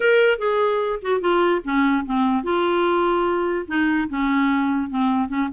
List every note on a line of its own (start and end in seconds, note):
0.00 0.38 A#4
0.38 0.99 G#4
1.02 1.20 F#4
1.20 1.61 F4
1.64 2.05 C#4
2.05 2.43 C4
2.43 3.65 F4
3.67 4.08 D#4
4.09 4.90 C#4
4.90 5.28 C4
5.28 5.48 C#4